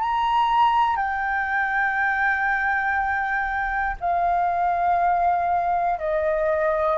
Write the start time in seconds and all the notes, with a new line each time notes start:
0.00 A#5
0.96 G5
4.00 F5
5.99 D#5